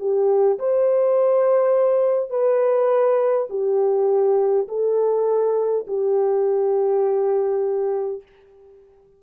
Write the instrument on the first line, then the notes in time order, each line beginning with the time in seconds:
horn
0.00 G4
0.59 C5
2.30 B4
3.50 G4
4.68 A4
5.88 G4